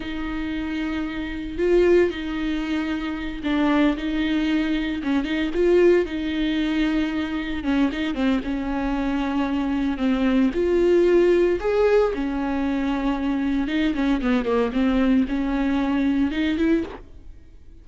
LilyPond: \new Staff \with { instrumentName = "viola" } { \time 4/4 \tempo 4 = 114 dis'2. f'4 | dis'2~ dis'8 d'4 dis'8~ | dis'4. cis'8 dis'8 f'4 dis'8~ | dis'2~ dis'8 cis'8 dis'8 c'8 |
cis'2. c'4 | f'2 gis'4 cis'4~ | cis'2 dis'8 cis'8 b8 ais8 | c'4 cis'2 dis'8 e'8 | }